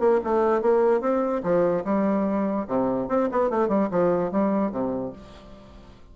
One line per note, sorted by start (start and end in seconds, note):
0.00 0.21 A#3
0.24 0.62 A3
0.62 1.01 A#3
1.01 1.42 C4
1.43 1.84 F3
1.85 2.67 G3
2.68 3.09 C3
3.09 3.29 C4
3.32 3.50 B3
3.50 3.69 A3
3.69 3.89 G3
3.91 4.32 F3
4.32 4.72 G3
4.72 5.13 C3